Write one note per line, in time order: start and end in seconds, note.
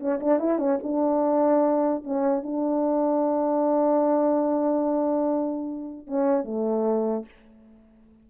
0.00 0.20 C#4
0.20 0.40 D4
0.40 0.59 E4
0.59 0.79 C#4
0.83 2.04 D4
2.04 2.43 C#4
2.43 6.07 D4
6.07 6.44 C#4
6.44 7.25 A3